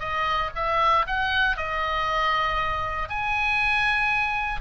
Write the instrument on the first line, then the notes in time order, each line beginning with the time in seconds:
oboe
0.00 D#5
0.56 E5
1.07 F#5
1.57 D#5
3.09 G#5